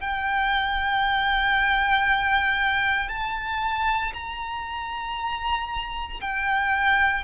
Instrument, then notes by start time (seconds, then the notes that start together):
violin
0.00 G5
3.09 A5
4.13 A#5
6.21 G5